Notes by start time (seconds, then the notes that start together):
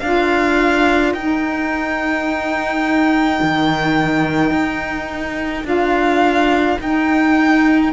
0.00 D4 F4 A#4 F5
1.14 D#4 G5
3.43 D#3
4.51 D#4
5.65 D4 F4 F5
6.81 D#4 G5